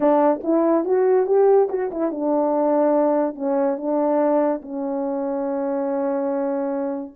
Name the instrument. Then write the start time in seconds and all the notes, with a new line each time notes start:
horn
0.00 D4
0.43 E4
0.84 F#4
1.26 G4
1.69 F#4
1.91 E4
2.11 D4
3.35 C#4
3.77 D4
4.62 C#4